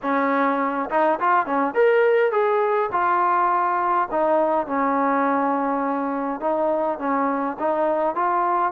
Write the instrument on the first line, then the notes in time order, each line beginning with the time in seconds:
trombone
0.02 C#4
0.90 D#4
1.19 F4
1.46 C#4
1.74 A#4
2.31 G#4
2.92 F4
4.11 D#4
4.66 C#4
6.40 D#4
6.98 C#4
7.59 D#4
8.15 F4